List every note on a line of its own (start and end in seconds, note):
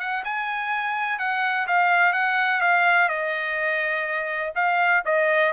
0.00 0.24 F#5
0.25 1.19 G#5
1.19 1.67 F#5
1.67 2.13 F5
2.13 2.61 F#5
2.61 3.09 F5
3.09 4.53 D#5
4.56 5.04 F5
5.05 5.53 D#5